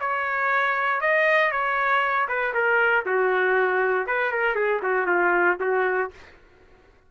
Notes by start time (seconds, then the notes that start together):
0.00 C#5
1.01 D#5
1.52 C#5
2.29 B4
2.54 A#4
3.06 F#4
4.07 B4
4.32 A#4
4.55 G#4
4.83 F#4
5.07 F4
5.60 F#4